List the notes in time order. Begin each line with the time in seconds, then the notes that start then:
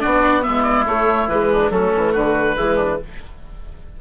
0.00 B3 D4 F#4 D5
0.43 G#3 B3 E4 E5
0.63 D5
0.86 A3 C#5
1.27 E3 G#3 B4
1.52 D4
1.70 F#3 A3 C#4 A4
1.96 E3
2.12 D3 F#4 B4
2.57 E3 G#3 E4
2.76 D4